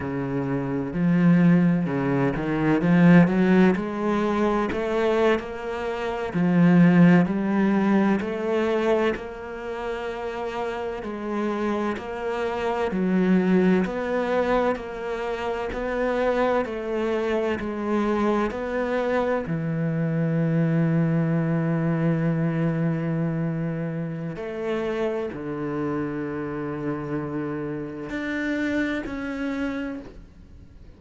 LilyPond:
\new Staff \with { instrumentName = "cello" } { \time 4/4 \tempo 4 = 64 cis4 f4 cis8 dis8 f8 fis8 | gis4 a8. ais4 f4 g16~ | g8. a4 ais2 gis16~ | gis8. ais4 fis4 b4 ais16~ |
ais8. b4 a4 gis4 b16~ | b8. e2.~ e16~ | e2 a4 d4~ | d2 d'4 cis'4 | }